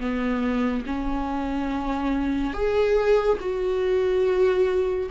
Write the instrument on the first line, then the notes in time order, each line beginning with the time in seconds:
viola
0.00 B3
0.86 C#4
2.54 G#4
3.40 F#4